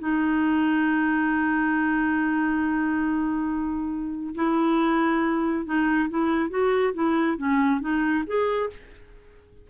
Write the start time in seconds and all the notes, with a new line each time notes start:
0.00 D#4
4.36 E4
5.66 D#4
6.10 E4
6.50 F#4
6.94 E4
7.38 C#4
7.81 D#4
8.27 G#4